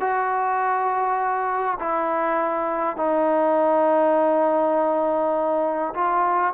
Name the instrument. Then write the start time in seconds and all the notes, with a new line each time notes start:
trombone
0.00 F#4
1.79 E4
2.96 D#4
5.94 F4